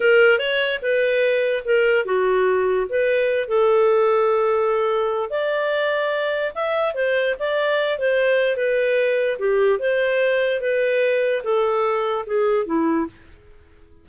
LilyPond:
\new Staff \with { instrumentName = "clarinet" } { \time 4/4 \tempo 4 = 147 ais'4 cis''4 b'2 | ais'4 fis'2 b'4~ | b'8 a'2.~ a'8~ | a'4 d''2. |
e''4 c''4 d''4. c''8~ | c''4 b'2 g'4 | c''2 b'2 | a'2 gis'4 e'4 | }